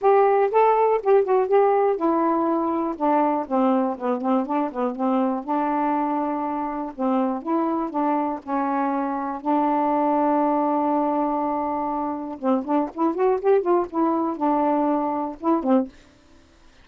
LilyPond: \new Staff \with { instrumentName = "saxophone" } { \time 4/4 \tempo 4 = 121 g'4 a'4 g'8 fis'8 g'4 | e'2 d'4 c'4 | b8 c'8 d'8 b8 c'4 d'4~ | d'2 c'4 e'4 |
d'4 cis'2 d'4~ | d'1~ | d'4 c'8 d'8 e'8 fis'8 g'8 f'8 | e'4 d'2 e'8 c'8 | }